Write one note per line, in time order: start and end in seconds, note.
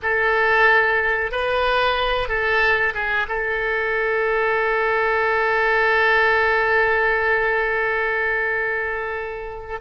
0.02 1.31 A4
1.31 2.28 B4
2.28 2.93 A4
2.93 3.26 G#4
3.28 9.80 A4